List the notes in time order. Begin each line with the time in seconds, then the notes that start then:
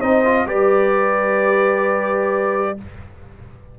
0.00 C4 D#4 C5 D#5
0.25 F4
0.46 G3 G4 B4 D5